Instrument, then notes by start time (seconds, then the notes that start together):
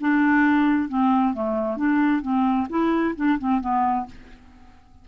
clarinet
0.00 D4
0.88 C4
1.34 A3
1.76 D4
2.22 C4
2.69 E4
3.15 D4
3.38 C4
3.61 B3